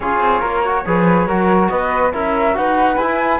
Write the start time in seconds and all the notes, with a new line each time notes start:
0.00 C#4 F4 G#4 C#5
0.20 C4
0.40 A#3 A#4
0.64 F#4
0.86 F3 G#4 B4
1.26 F#3 F#4 A#4
1.68 B3 B4 D#5
2.12 C#4 E4 A#4 E5
2.53 D#4 F#4 B4 F#5
2.96 E4 G#5